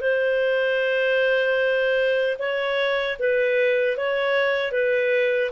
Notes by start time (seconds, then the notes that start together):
0.00 C5
2.38 C#5
3.19 B4
3.97 C#5
4.72 B4